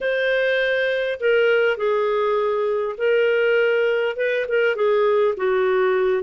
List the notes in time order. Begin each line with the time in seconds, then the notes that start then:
0.01 C5
1.20 A#4
1.77 G#4
2.97 A#4
4.16 B4
4.48 A#4
4.75 G#4
5.36 F#4